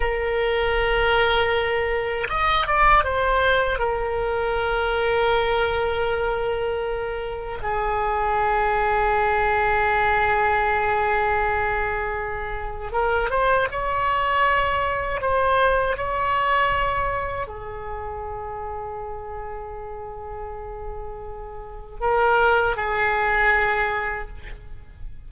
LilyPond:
\new Staff \with { instrumentName = "oboe" } { \time 4/4 \tempo 4 = 79 ais'2. dis''8 d''8 | c''4 ais'2.~ | ais'2 gis'2~ | gis'1~ |
gis'4 ais'8 c''8 cis''2 | c''4 cis''2 gis'4~ | gis'1~ | gis'4 ais'4 gis'2 | }